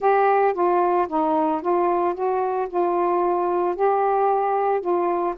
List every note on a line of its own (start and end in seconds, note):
0.00 0.53 G4
0.53 1.07 F4
1.08 1.61 D#4
1.61 2.14 F4
2.14 2.67 F#4
2.68 3.75 F4
3.75 4.80 G4
4.80 5.34 F4